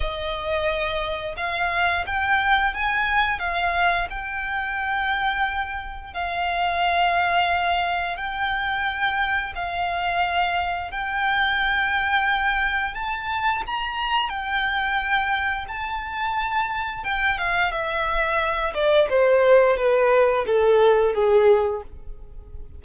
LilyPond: \new Staff \with { instrumentName = "violin" } { \time 4/4 \tempo 4 = 88 dis''2 f''4 g''4 | gis''4 f''4 g''2~ | g''4 f''2. | g''2 f''2 |
g''2. a''4 | ais''4 g''2 a''4~ | a''4 g''8 f''8 e''4. d''8 | c''4 b'4 a'4 gis'4 | }